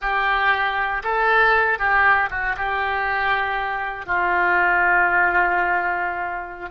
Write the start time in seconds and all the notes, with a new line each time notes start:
0.01 G4
1.03 A4
1.78 G4
2.30 F#4
2.56 G4
4.06 F4